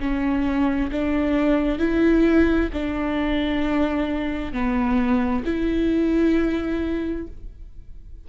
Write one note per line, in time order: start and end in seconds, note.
0.00 0.91 C#4
0.92 1.79 D4
1.79 2.70 E4
2.73 4.53 D4
4.53 5.44 B3
5.45 7.27 E4